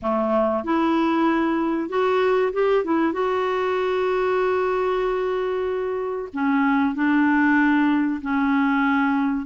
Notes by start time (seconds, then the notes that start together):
0.02 A3
0.63 E4
1.89 F#4
2.52 G4
2.84 E4
3.13 F#4
6.33 C#4
6.94 D4
8.21 C#4